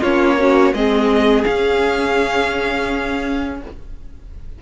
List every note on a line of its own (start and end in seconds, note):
0.00 0.73 A#3
0.00 0.40 C#4
0.00 0.36 F4
0.00 0.74 C#5
0.39 0.74 C#4
0.39 0.74 F#4
0.73 1.44 G#3
0.73 1.43 C4
0.73 3.60 G#4
0.73 1.44 D#5
1.43 3.58 C#4
1.43 3.62 C#4
1.43 3.59 F5